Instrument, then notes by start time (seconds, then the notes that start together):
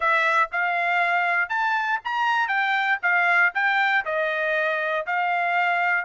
trumpet
0.00 E5
0.52 F5
1.49 A5
2.04 A#5
2.48 G5
3.02 F5
3.54 G5
4.05 D#5
5.06 F5